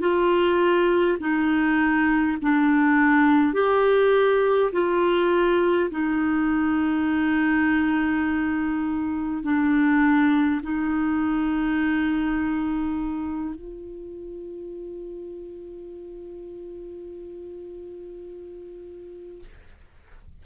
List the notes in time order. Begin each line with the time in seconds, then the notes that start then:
0.00 F4
1.20 D#4
2.42 D4
3.53 G4
4.72 F4
5.90 D#4
9.43 D4
10.62 D#4
13.55 F4